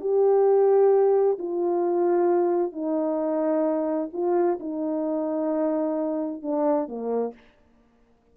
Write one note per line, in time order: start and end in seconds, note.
0.00 1.37 G4
1.38 2.72 F4
2.72 4.09 D#4
4.12 4.58 F4
4.59 6.42 D#4
6.42 6.88 D4
6.88 7.33 A#3